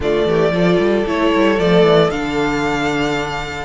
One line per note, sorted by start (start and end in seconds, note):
0.00 0.23 D3
0.00 0.52 A3
0.00 0.28 F4
0.00 1.07 D5
0.25 0.50 E3
0.25 0.54 G4
0.50 0.77 F3
0.50 1.05 F4
0.50 3.65 A4
0.79 1.05 G3
1.06 1.32 A3
1.06 1.58 E4
1.06 1.59 C#5
1.34 1.59 G3
1.58 1.82 F3
1.58 2.11 A3
1.58 2.10 D5
1.82 2.09 E3
2.10 3.65 D3
2.10 3.65 D4
2.10 3.65 F5